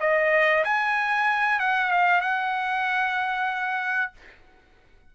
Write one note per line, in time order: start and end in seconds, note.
0.00 0.64 D#5
0.64 1.59 G#5
1.59 1.91 F#5
1.91 2.21 F5
2.21 4.12 F#5